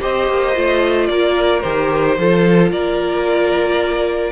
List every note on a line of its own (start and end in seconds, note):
0.00 0.28 C4
0.00 0.54 G4
0.00 1.08 C5
0.00 1.07 D#5
0.28 0.56 A#3
0.54 1.09 A3
0.54 1.62 F4
1.07 1.63 A#3
1.07 2.18 A#4
1.07 1.61 D5
1.61 2.18 D#3
1.61 2.18 G4
1.61 2.69 C5
2.18 2.72 F3
2.18 4.32 F4
2.18 2.72 A4
2.72 4.32 A#3
2.72 4.32 A#4
2.72 4.32 D5